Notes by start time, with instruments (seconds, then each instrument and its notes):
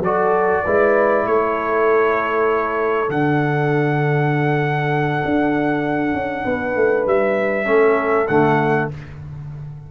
0.00 tuba F#3, trombone F#4, horn A4, trumpet D5
0.64 tuba G#3, trombone E4, horn B4
1.27 tuba A3, horn A4, trumpet C#5
3.07 tuba D3, trombone D4, trumpet F#5
5.26 tuba D4
6.14 tuba C#4
6.46 tuba B3, horn B4
6.76 tuba A3
7.07 tuba G3, trumpet E5
7.65 tuba A3, trombone C#4, horn A4
8.28 tuba D3, trombone A3, trumpet F#5